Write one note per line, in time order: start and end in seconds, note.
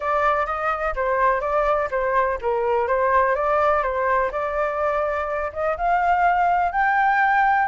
0.00 0.45 D5
0.45 0.93 D#5
0.95 1.40 C5
1.40 1.88 D5
1.90 2.38 C5
2.41 2.87 A#4
2.87 3.35 C5
3.35 3.82 D5
3.82 4.30 C5
4.31 5.51 D5
5.52 5.76 D#5
5.77 6.72 F5
6.72 7.68 G5